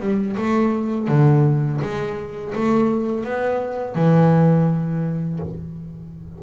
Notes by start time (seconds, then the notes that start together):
0.00 G3
0.37 A3
1.08 D3
1.82 G#3
2.55 A3
3.24 B3
3.95 E3